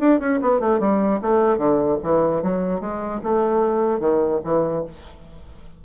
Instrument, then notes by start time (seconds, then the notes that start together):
bassoon
0.00 D4
0.20 C#4
0.42 B3
0.61 A3
0.80 G3
1.22 A3
1.58 D3
2.03 E3
2.43 F#3
2.81 G#3
3.23 A3
4.00 D#3
4.44 E3